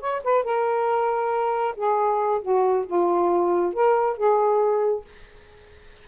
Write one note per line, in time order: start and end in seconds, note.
0.00 0.22 C#5
0.23 0.43 B4
0.43 1.75 A#4
1.75 2.41 G#4
2.41 2.85 F#4
2.86 3.73 F4
3.73 4.17 A#4
4.17 5.04 G#4